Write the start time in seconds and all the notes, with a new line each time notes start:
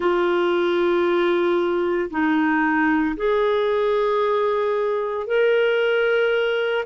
0.00 F4
2.10 D#4
3.16 G#4
5.26 A#4